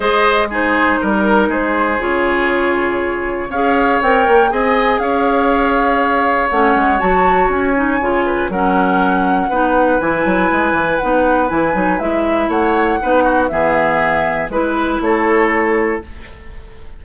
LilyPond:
<<
  \new Staff \with { instrumentName = "flute" } { \time 4/4 \tempo 4 = 120 dis''4 c''4 ais'4 c''4 | cis''2. f''4 | g''4 gis''4 f''2~ | f''4 fis''4 a''4 gis''4~ |
gis''4 fis''2. | gis''2 fis''4 gis''4 | e''4 fis''2 e''4~ | e''4 b'4 cis''2 | }
  \new Staff \with { instrumentName = "oboe" } { \time 4/4 c''4 gis'4 ais'4 gis'4~ | gis'2. cis''4~ | cis''4 dis''4 cis''2~ | cis''1~ |
cis''8 b'8 ais'2 b'4~ | b'1~ | b'4 cis''4 b'8 fis'8 gis'4~ | gis'4 b'4 a'2 | }
  \new Staff \with { instrumentName = "clarinet" } { \time 4/4 gis'4 dis'2. | f'2. gis'4 | ais'4 gis'2.~ | gis'4 cis'4 fis'4. dis'8 |
f'4 cis'2 dis'4 | e'2 dis'4 e'8 dis'8 | e'2 dis'4 b4~ | b4 e'2. | }
  \new Staff \with { instrumentName = "bassoon" } { \time 4/4 gis2 g4 gis4 | cis2. cis'4 | c'8 ais8 c'4 cis'2~ | cis'4 a8 gis8 fis4 cis'4 |
cis4 fis2 b4 | e8 fis8 gis8 e8 b4 e8 fis8 | gis4 a4 b4 e4~ | e4 gis4 a2 | }
>>